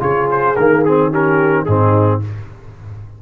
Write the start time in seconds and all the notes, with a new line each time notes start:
0.00 C#3 F4 G#4 C#5
0.31 C5
0.56 D#3 A#3 A#4
0.85 C4 G#4
1.11 C#4 G4 A#4
1.66 G#2 C4 D#4 G#4